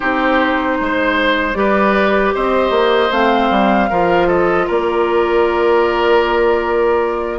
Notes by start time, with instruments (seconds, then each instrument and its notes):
0.00 bassoon C4, clarinet D#4, oboe G4, flute C5
0.80 bassoon G#3, oboe C5
1.53 bassoon G3, clarinet G4, oboe B4, flute D5
2.34 bassoon C4, oboe C5, flute D#5
2.70 bassoon A#3
3.11 bassoon A3, clarinet C4, flute F5
3.50 bassoon G3
3.89 bassoon F3, clarinet F4, oboe A#4
4.27 oboe A4, flute D#5
4.66 bassoon A#3, oboe A#4, flute D5